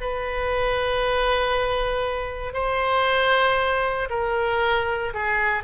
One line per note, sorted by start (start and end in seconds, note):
0.00 2.53 B4
2.53 4.08 C5
4.10 5.13 A#4
5.13 5.63 G#4